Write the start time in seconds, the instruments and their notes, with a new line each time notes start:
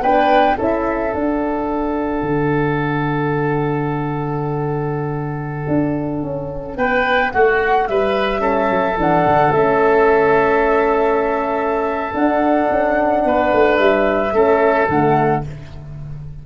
0.00 tuba B3, horn D4, oboe B4, flute G5
0.57 tuba C#4, horn E4, oboe A4, flute E5
1.12 horn D4, tuba D4, flute F#5
2.22 tuba D3
5.68 tuba D4
6.22 tuba C#4
6.76 tuba B3, oboe B4, flute G5
7.32 tuba A3, oboe F#4, flute F#5
7.87 tuba G3, oboe B4, flute E5
8.38 horn C#4, oboe A4
8.69 tuba F#3
8.97 tuba E3, horn D4, flute F#5
9.26 tuba D3
9.51 tuba A3, horn C#4, flute E5
12.14 tuba D4, horn D4, flute F#5
12.70 tuba C#4
13.25 tuba B3, oboe B4
13.53 tuba A3
13.77 tuba G3, flute E5
14.32 tuba A3, horn C#4, oboe A4
14.89 tuba D3, horn A3, flute F#5